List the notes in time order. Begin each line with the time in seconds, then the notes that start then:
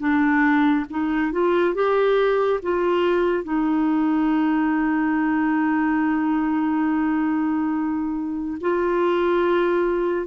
0.00 D4
0.90 D#4
1.32 F4
1.75 G4
2.63 F4
3.44 D#4
8.61 F4